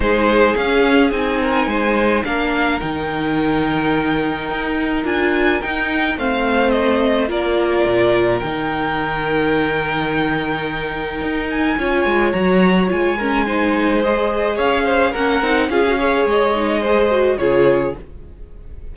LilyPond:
<<
  \new Staff \with { instrumentName = "violin" } { \time 4/4 \tempo 4 = 107 c''4 f''4 gis''2 | f''4 g''2.~ | g''4 gis''4 g''4 f''4 | dis''4 d''2 g''4~ |
g''1~ | g''8 gis''4. ais''4 gis''4~ | gis''4 dis''4 f''4 fis''4 | f''4 dis''2 cis''4 | }
  \new Staff \with { instrumentName = "violin" } { \time 4/4 gis'2~ gis'8 ais'8 c''4 | ais'1~ | ais'2. c''4~ | c''4 ais'2.~ |
ais'1~ | ais'4 cis''2~ cis''8 ais'8 | c''2 cis''8 c''8 ais'4 | gis'8 cis''4. c''4 gis'4 | }
  \new Staff \with { instrumentName = "viola" } { \time 4/4 dis'4 cis'4 dis'2 | d'4 dis'2.~ | dis'4 f'4 dis'4 c'4~ | c'4 f'2 dis'4~ |
dis'1~ | dis'4 f'4 fis'4 f'8 cis'8 | dis'4 gis'2 cis'8 dis'8 | f'16 fis'16 gis'4 dis'8 gis'8 fis'8 f'4 | }
  \new Staff \with { instrumentName = "cello" } { \time 4/4 gis4 cis'4 c'4 gis4 | ais4 dis2. | dis'4 d'4 dis'4 a4~ | a4 ais4 ais,4 dis4~ |
dis1 | dis'4 cis'8 gis8 fis4 gis4~ | gis2 cis'4 ais8 c'8 | cis'4 gis2 cis4 | }
>>